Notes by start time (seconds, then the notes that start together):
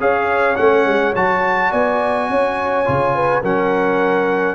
0.00 C#4 G#4 C#5 F5
0.56 A3 C#4 F#5
0.86 G#3
1.16 F#3 F#4 A5
1.71 B3 D5 G#5
2.30 C#4 C#5
2.85 C#3 F4
3.16 B4
3.42 F#3 C#4 A#4 F#5